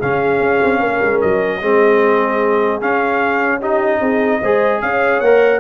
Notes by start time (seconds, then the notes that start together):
0.00 C#3 C#4 G#4 F5
0.41 C#4
0.62 C4
0.80 A#3 A#4
1.02 G#3
1.21 F#3 D#5
1.61 G#3 C4 G#4
2.81 C#4 F5
3.60 D#4 G4 D#5
4.00 C4 G#4
4.42 G#3 G#4 C5
4.82 C#4 C#5 F5
5.21 A#3 A#4 F#5